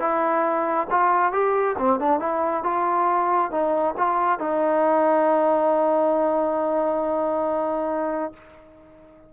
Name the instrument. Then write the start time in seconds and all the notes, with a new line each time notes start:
trombone
0.00 E4
0.91 F4
1.33 G4
1.79 C4
2.00 D4
2.20 E4
2.64 F4
3.52 D#4
3.98 F4
4.40 D#4